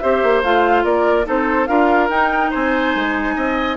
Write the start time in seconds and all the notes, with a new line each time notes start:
0.00 C4 G4 C5 E5
0.23 A#3
0.43 A3 F4 F5
0.84 A#3 A#4 D5
1.24 C4 D#4 A4 C5
1.67 D4 F4 A#4 F5
2.09 D#4 G5
2.50 C4 C5 G#5
2.95 G#3
3.36 C4 D#5